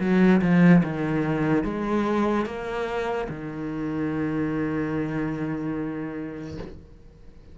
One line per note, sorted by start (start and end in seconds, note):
0.00 0.41 F#3
0.41 0.83 F3
0.84 1.64 D#3
1.64 2.46 G#3
2.46 3.28 A#3
3.29 6.58 D#3